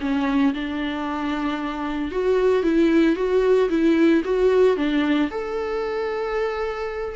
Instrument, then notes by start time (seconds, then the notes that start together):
viola
0.00 C#4
0.53 D4
2.11 F#4
2.63 E4
3.15 F#4
3.69 E4
4.24 F#4
4.76 D4
5.30 A4